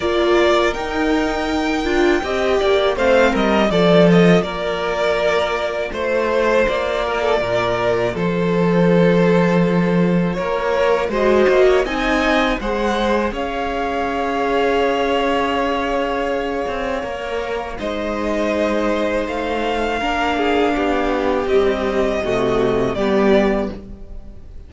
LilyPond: <<
  \new Staff \with { instrumentName = "violin" } { \time 4/4 \tempo 4 = 81 d''4 g''2. | f''8 dis''8 d''8 dis''8 d''2 | c''4 d''2 c''4~ | c''2 cis''4 dis''4 |
gis''4 fis''4 f''2~ | f''1 | dis''2 f''2~ | f''4 dis''2 d''4 | }
  \new Staff \with { instrumentName = "violin" } { \time 4/4 ais'2. dis''8 d''8 | c''8 ais'8 a'4 ais'2 | c''4. ais'16 a'16 ais'4 a'4~ | a'2 ais'4 c''8. cis''16 |
dis''4 c''4 cis''2~ | cis''1 | c''2. ais'8 gis'8 | g'2 fis'4 g'4 | }
  \new Staff \with { instrumentName = "viola" } { \time 4/4 f'4 dis'4. f'8 g'4 | c'4 f'2.~ | f'1~ | f'2. fis'4 |
dis'4 gis'2.~ | gis'2. ais'4 | dis'2. d'4~ | d'4 g4 a4 b4 | }
  \new Staff \with { instrumentName = "cello" } { \time 4/4 ais4 dis'4. d'8 c'8 ais8 | a8 g8 f4 ais2 | a4 ais4 ais,4 f4~ | f2 ais4 gis8 ais8 |
c'4 gis4 cis'2~ | cis'2~ cis'8 c'8 ais4 | gis2 a4 ais4 | b4 c'4 c4 g4 | }
>>